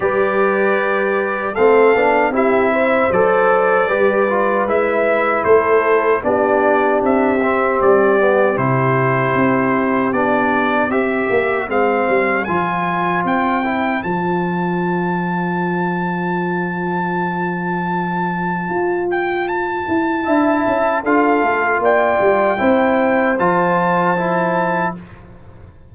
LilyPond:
<<
  \new Staff \with { instrumentName = "trumpet" } { \time 4/4 \tempo 4 = 77 d''2 f''4 e''4 | d''2 e''4 c''4 | d''4 e''4 d''4 c''4~ | c''4 d''4 e''4 f''4 |
gis''4 g''4 a''2~ | a''1~ | a''8 g''8 a''2 f''4 | g''2 a''2 | }
  \new Staff \with { instrumentName = "horn" } { \time 4/4 b'2 a'4 g'8 c''8~ | c''4 b'2 a'4 | g'1~ | g'2 c''2~ |
c''1~ | c''1~ | c''2 e''4 a'4 | d''4 c''2. | }
  \new Staff \with { instrumentName = "trombone" } { \time 4/4 g'2 c'8 d'8 e'4 | a'4 g'8 f'8 e'2 | d'4. c'4 b8 e'4~ | e'4 d'4 g'4 c'4 |
f'4. e'8 f'2~ | f'1~ | f'2 e'4 f'4~ | f'4 e'4 f'4 e'4 | }
  \new Staff \with { instrumentName = "tuba" } { \time 4/4 g2 a8 b8 c'4 | fis4 g4 gis4 a4 | b4 c'4 g4 c4 | c'4 b4 c'8 ais8 gis8 g8 |
f4 c'4 f2~ | f1 | f'4. e'8 d'8 cis'8 d'8 a8 | ais8 g8 c'4 f2 | }
>>